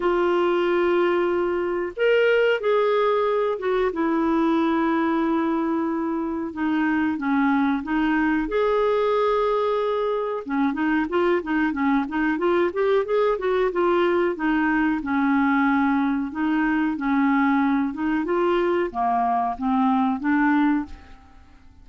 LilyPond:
\new Staff \with { instrumentName = "clarinet" } { \time 4/4 \tempo 4 = 92 f'2. ais'4 | gis'4. fis'8 e'2~ | e'2 dis'4 cis'4 | dis'4 gis'2. |
cis'8 dis'8 f'8 dis'8 cis'8 dis'8 f'8 g'8 | gis'8 fis'8 f'4 dis'4 cis'4~ | cis'4 dis'4 cis'4. dis'8 | f'4 ais4 c'4 d'4 | }